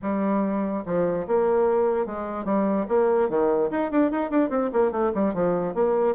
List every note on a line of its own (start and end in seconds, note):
0.02 0.84 G3
0.85 1.26 F3
1.27 2.05 A#3
2.05 2.44 G#3
2.44 2.85 G3
2.88 3.29 A#3
3.29 3.70 D#3
3.70 3.91 D#4
3.91 4.11 D4
4.11 4.30 D#4
4.30 4.49 D4
4.49 4.70 C4
4.72 4.91 A#3
4.91 5.12 A3
5.14 5.33 G3
5.33 5.74 F3
5.74 6.15 A#3